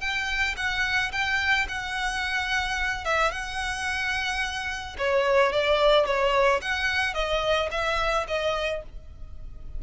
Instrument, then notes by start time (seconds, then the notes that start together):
violin
0.00 G5
0.56 F#5
1.12 G5
1.68 F#5
3.05 E5
3.31 F#5
4.98 C#5
5.52 D5
6.05 C#5
6.61 F#5
7.14 D#5
7.71 E5
8.27 D#5